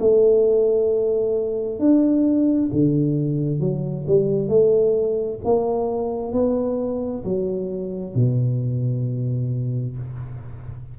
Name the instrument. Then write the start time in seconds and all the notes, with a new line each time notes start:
tuba
0.00 A3
1.80 D4
2.73 D3
3.60 F#3
4.08 G3
4.49 A3
5.45 A#3
6.33 B3
7.25 F#3
8.15 B2